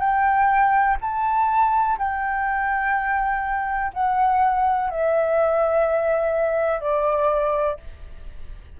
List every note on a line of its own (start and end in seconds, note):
0.00 0.97 G5
1.01 1.98 A5
1.98 3.92 G5
3.94 4.90 F#5
4.90 6.80 E5
6.80 7.77 D5